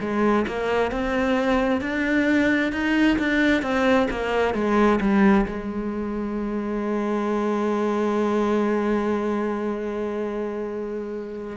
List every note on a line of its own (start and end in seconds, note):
0.00 0.45 G#3
0.47 0.91 A#3
0.91 1.81 C4
1.81 2.72 D4
2.72 3.17 D#4
3.18 3.62 D4
3.62 4.07 C4
4.10 4.54 A#3
4.54 4.99 G#3
5.00 5.45 G3
5.46 11.56 G#3